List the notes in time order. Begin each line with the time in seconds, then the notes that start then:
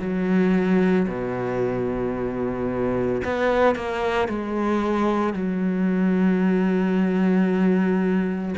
0.00 F#3
1.08 B2
3.25 B3
3.75 A#3
4.29 G#3
5.33 F#3